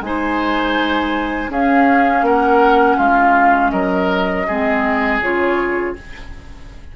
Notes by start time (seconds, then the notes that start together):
0.00 G#3 D#4 C5 G#5
1.48 C#4 G#4 F5
2.22 A#3 A#4 F#5
2.97 G#3 F4 F5
3.70 F#3 A#4 D#5
4.47 G#3 C4 G#4
5.20 C#3 F4 C#5